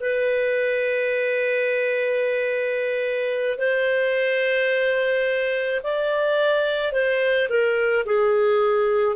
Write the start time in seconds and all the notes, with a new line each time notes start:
0.00 B4
3.58 C5
5.83 D5
6.92 C5
7.49 A#4
8.05 G#4